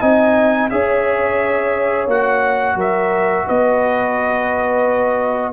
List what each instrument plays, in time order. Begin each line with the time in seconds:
0.00 tuba C4, trombone D#4, horn D#5, trumpet G#5
0.70 tuba C#4, trombone G#4, horn C#5, trumpet E5
2.07 tuba A#3, trombone F#4, trumpet F#5
2.75 tuba F#3, horn A#4, trumpet E5
3.47 tuba B3, horn B4, trumpet D#5